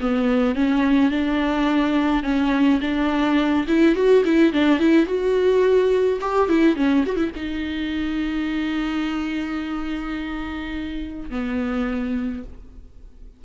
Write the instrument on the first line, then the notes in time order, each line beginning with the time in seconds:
viola
0.00 B3
0.55 C#4
1.10 D4
2.23 C#4
2.81 D4
3.68 E4
3.95 F#4
4.25 E4
4.53 D4
4.79 E4
5.06 F#4
6.21 G4
6.48 E4
6.76 C#4
7.06 F#4
7.16 E4
7.35 D#4
11.30 B3